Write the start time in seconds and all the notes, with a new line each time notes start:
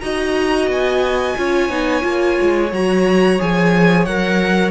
0.00 D#4 F#4 D#5 A#5
0.68 B3 G#5
1.37 C#4 F4 C#5
1.69 B3 D#4
2.01 A#3 F4
2.41 G#3
2.72 F#3 F#4 A#5
3.39 F3 G#4 G#5
4.05 F#3 A#4 F#5